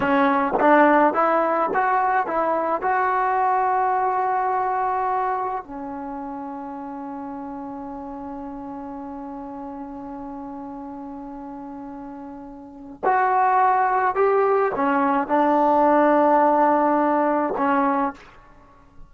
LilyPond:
\new Staff \with { instrumentName = "trombone" } { \time 4/4 \tempo 4 = 106 cis'4 d'4 e'4 fis'4 | e'4 fis'2.~ | fis'2 cis'2~ | cis'1~ |
cis'1~ | cis'2. fis'4~ | fis'4 g'4 cis'4 d'4~ | d'2. cis'4 | }